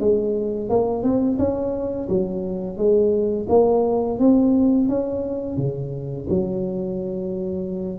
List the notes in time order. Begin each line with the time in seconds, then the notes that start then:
0.00 G#3
0.69 A#3
1.03 C4
1.39 C#4
2.09 F#3
2.77 G#3
3.49 A#3
4.19 C4
4.88 C#4
5.57 C#3
6.29 F#3